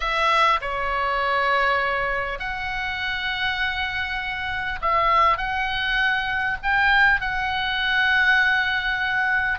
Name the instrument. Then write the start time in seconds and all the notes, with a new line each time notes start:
oboe
0.00 E5
0.61 C#5
2.39 F#5
4.81 E5
5.37 F#5
6.62 G5
7.20 F#5